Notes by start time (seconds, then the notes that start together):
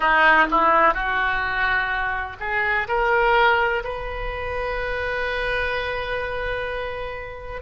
0.00 D#4
0.50 E4
0.94 F#4
2.40 G#4
2.88 A#4
3.84 B4